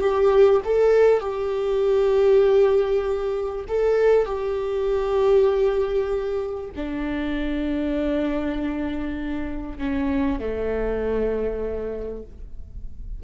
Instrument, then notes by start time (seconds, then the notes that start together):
viola
0.00 G4
0.65 A4
1.20 G4
3.68 A4
4.25 G4
6.76 D4
9.78 C#4
10.39 A3